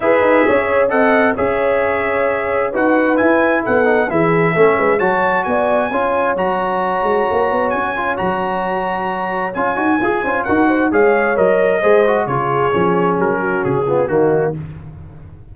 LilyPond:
<<
  \new Staff \with { instrumentName = "trumpet" } { \time 4/4 \tempo 4 = 132 e''2 fis''4 e''4~ | e''2 fis''4 gis''4 | fis''4 e''2 a''4 | gis''2 ais''2~ |
ais''4 gis''4 ais''2~ | ais''4 gis''2 fis''4 | f''4 dis''2 cis''4~ | cis''4 ais'4 gis'4 fis'4 | }
  \new Staff \with { instrumentName = "horn" } { \time 4/4 b'4 cis''4 dis''4 cis''4~ | cis''2 b'2 | a'4 gis'4 a'8 b'8 cis''4 | d''4 cis''2.~ |
cis''1~ | cis''2~ cis''8 c''8 ais'8 c''8 | cis''2 c''4 gis'4~ | gis'4. fis'4 f'8 dis'4 | }
  \new Staff \with { instrumentName = "trombone" } { \time 4/4 gis'2 a'4 gis'4~ | gis'2 fis'4 e'4~ | e'8 dis'8 e'4 cis'4 fis'4~ | fis'4 f'4 fis'2~ |
fis'4. f'8 fis'2~ | fis'4 f'8 fis'8 gis'8 f'8 fis'4 | gis'4 ais'4 gis'8 fis'8 f'4 | cis'2~ cis'8 b8 ais4 | }
  \new Staff \with { instrumentName = "tuba" } { \time 4/4 e'8 dis'8 cis'4 c'4 cis'4~ | cis'2 dis'4 e'4 | b4 e4 a8 gis8 fis4 | b4 cis'4 fis4. gis8 |
ais8 b8 cis'4 fis2~ | fis4 cis'8 dis'8 f'8 cis'8 dis'4 | gis4 fis4 gis4 cis4 | f4 fis4 cis4 dis4 | }
>>